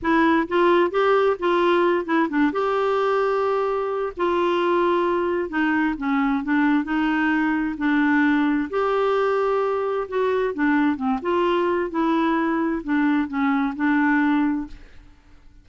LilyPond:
\new Staff \with { instrumentName = "clarinet" } { \time 4/4 \tempo 4 = 131 e'4 f'4 g'4 f'4~ | f'8 e'8 d'8 g'2~ g'8~ | g'4 f'2. | dis'4 cis'4 d'4 dis'4~ |
dis'4 d'2 g'4~ | g'2 fis'4 d'4 | c'8 f'4. e'2 | d'4 cis'4 d'2 | }